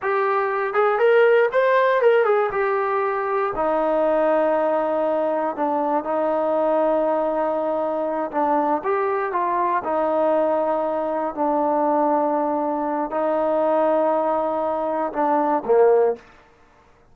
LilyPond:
\new Staff \with { instrumentName = "trombone" } { \time 4/4 \tempo 4 = 119 g'4. gis'8 ais'4 c''4 | ais'8 gis'8 g'2 dis'4~ | dis'2. d'4 | dis'1~ |
dis'8 d'4 g'4 f'4 dis'8~ | dis'2~ dis'8 d'4.~ | d'2 dis'2~ | dis'2 d'4 ais4 | }